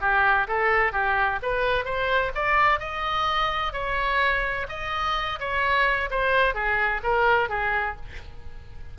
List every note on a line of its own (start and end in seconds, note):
0.00 0.47 G4
0.47 0.92 A4
0.92 1.39 G4
1.42 1.84 B4
1.84 2.31 C5
2.34 2.79 D5
2.79 3.73 D#5
3.73 4.66 C#5
4.69 5.39 D#5
5.39 6.09 C#5
6.10 6.54 C5
6.54 7.01 G#4
7.03 7.49 A#4
7.49 7.96 G#4